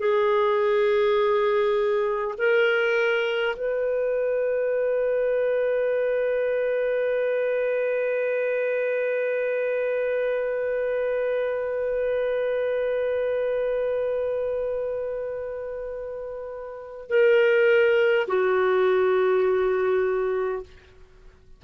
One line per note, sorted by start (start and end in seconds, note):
0.00 2.35 G#4
2.39 3.56 A#4
3.56 17.09 B4
17.10 18.27 A#4
18.28 20.64 F#4